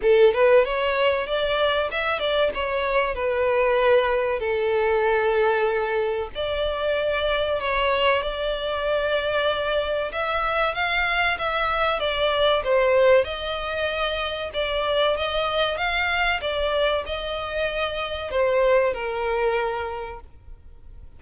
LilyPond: \new Staff \with { instrumentName = "violin" } { \time 4/4 \tempo 4 = 95 a'8 b'8 cis''4 d''4 e''8 d''8 | cis''4 b'2 a'4~ | a'2 d''2 | cis''4 d''2. |
e''4 f''4 e''4 d''4 | c''4 dis''2 d''4 | dis''4 f''4 d''4 dis''4~ | dis''4 c''4 ais'2 | }